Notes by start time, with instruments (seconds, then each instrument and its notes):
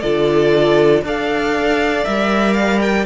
0.00 cello D3, viola F4, violin A4 D5
1.02 cello D4, viola A4, violin D5 F5
2.04 cello G3, viola A#4, violin E5
2.54 violin F5
2.81 violin G5